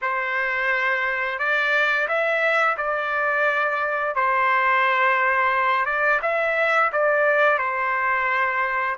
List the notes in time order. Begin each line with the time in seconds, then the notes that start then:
0.01 C5
1.38 D5
2.08 E5
2.77 D5
4.15 C5
5.85 D5
6.22 E5
6.92 D5
7.58 C5